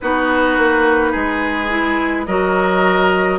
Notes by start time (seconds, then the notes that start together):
0.00 B3 D#4 F#4 B4
0.57 A#3
1.11 G#3 G#4
1.69 E4
2.25 F#3 F#4 A#4 D#5